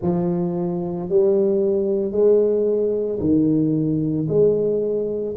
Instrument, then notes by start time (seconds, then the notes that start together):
tuba
0.02 F3
1.09 G3
2.11 G#3
3.19 D#3
4.28 G#3